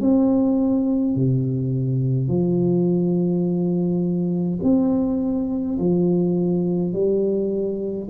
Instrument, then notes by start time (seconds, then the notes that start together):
tuba
0.00 C4
1.15 C3
2.28 F3
4.63 C4
5.78 F3
6.93 G3